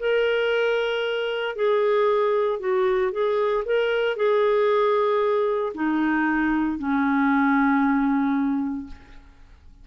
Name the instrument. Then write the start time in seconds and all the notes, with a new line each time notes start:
clarinet
0.00 A#4
1.56 G#4
2.60 F#4
3.13 G#4
3.66 A#4
4.17 G#4
5.75 D#4
6.79 C#4